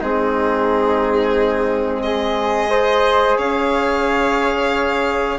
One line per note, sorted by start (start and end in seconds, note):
0.00 3.38 G#3
0.00 2.70 C4
0.00 2.02 D#4
0.00 2.02 G#4
2.02 2.71 G#4
2.02 3.37 D#5
2.70 5.39 G#4
2.70 3.37 C5
3.37 5.39 C#4
3.37 5.39 C#5
3.37 5.39 F5